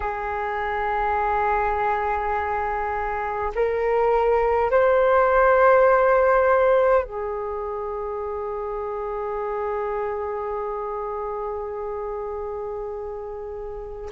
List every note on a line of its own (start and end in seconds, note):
0.00 3.51 G#4
3.55 4.71 A#4
4.71 7.04 C5
7.04 14.10 G#4